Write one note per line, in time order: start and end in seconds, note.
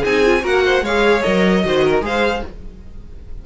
0.00 0.43 C4
0.00 0.40 G#4
0.00 0.45 G#5
0.06 0.25 D#4
0.25 0.40 F4
0.40 0.82 A#3
0.40 0.81 F#4
0.40 0.63 A#4
0.40 0.85 F#5
0.66 0.83 C5
0.82 1.22 G#3
0.82 1.64 C#5
0.82 1.22 F5
0.88 1.24 G#4
1.22 1.65 F#3
1.22 1.64 A#4
1.22 2.03 D#5
1.64 2.02 D#3
1.64 2.02 F#4
1.64 1.85 C5
1.85 2.05 A#4
2.02 2.42 G#3
2.02 2.42 G#4
2.02 2.46 C5
2.02 2.45 F5